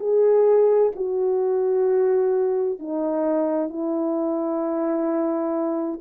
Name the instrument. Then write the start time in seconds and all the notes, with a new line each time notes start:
horn
0.00 G#4
0.96 F#4
2.79 D#4
3.70 E4